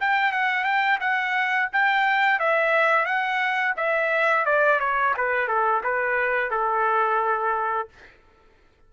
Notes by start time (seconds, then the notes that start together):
0.00 G5
0.32 F#5
0.64 G5
1.00 F#5
1.73 G5
2.39 E5
3.05 F#5
3.77 E5
4.45 D5
4.80 C#5
5.17 B4
5.48 A4
5.83 B4
6.50 A4